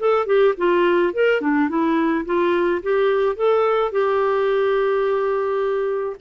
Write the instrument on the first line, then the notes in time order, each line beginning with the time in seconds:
clarinet
0.00 A4
0.26 G4
0.58 F4
1.13 A#4
1.41 D4
1.69 E4
2.26 F4
2.83 G4
3.36 A4
3.92 G4